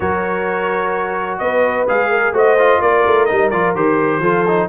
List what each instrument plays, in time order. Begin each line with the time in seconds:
0.00 tuba F#3, trombone F#4, horn A#4, trumpet C#5
1.38 tuba B3, horn B4, trumpet D#5
1.87 tuba G#3, trombone G#4, trumpet F5
2.09 horn A#4
2.32 tuba A3, trombone F#4, horn C5, trumpet D#5
2.58 trombone F4
2.80 tuba A#3, horn A#4, trumpet D5
3.06 tuba A3
3.25 tuba G3, trombone D#4, trumpet D#5
3.50 tuba F3, trombone F4, trumpet D5
3.74 tuba D#3, trombone G4, trumpet C5
4.19 tuba F3, trombone F4, horn A4
4.47 trombone D#4